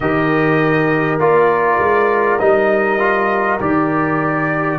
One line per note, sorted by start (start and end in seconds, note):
0.00 1.19 D#3
0.00 1.20 G4
0.00 4.79 A#4
0.00 1.19 D#5
1.19 1.79 A#3
1.19 2.39 F4
1.19 2.39 D5
1.79 2.39 G#3
2.39 3.60 G3
2.39 2.99 D#4
2.39 3.59 D#5
2.99 3.59 F4
3.59 4.79 D#3
3.59 4.79 G4
3.59 4.79 D5